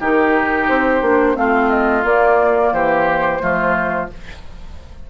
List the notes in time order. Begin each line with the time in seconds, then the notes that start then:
0.00 D#3 D#4 G4 A#4
0.68 C4 C5
1.01 A#3 D4
1.35 A3 C4 F4 F5
1.70 D#5
2.03 A#3 D5
2.72 E3 G4 C5
3.40 F3 A3 F4